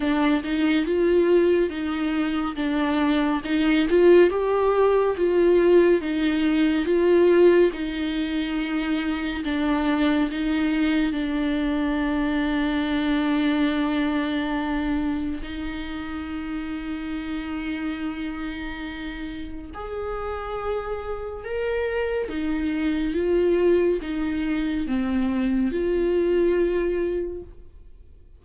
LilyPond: \new Staff \with { instrumentName = "viola" } { \time 4/4 \tempo 4 = 70 d'8 dis'8 f'4 dis'4 d'4 | dis'8 f'8 g'4 f'4 dis'4 | f'4 dis'2 d'4 | dis'4 d'2.~ |
d'2 dis'2~ | dis'2. gis'4~ | gis'4 ais'4 dis'4 f'4 | dis'4 c'4 f'2 | }